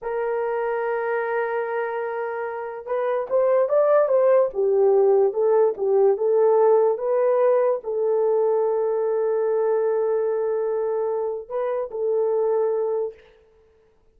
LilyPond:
\new Staff \with { instrumentName = "horn" } { \time 4/4 \tempo 4 = 146 ais'1~ | ais'2. b'4 | c''4 d''4 c''4 g'4~ | g'4 a'4 g'4 a'4~ |
a'4 b'2 a'4~ | a'1~ | a'1 | b'4 a'2. | }